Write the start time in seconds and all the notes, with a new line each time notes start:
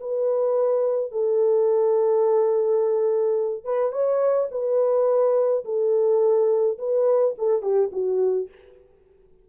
0.00 B4
1.12 A4
3.64 B4
3.92 C#5
4.51 B4
5.65 A4
6.78 B4
7.38 A4
7.62 G4
7.92 F#4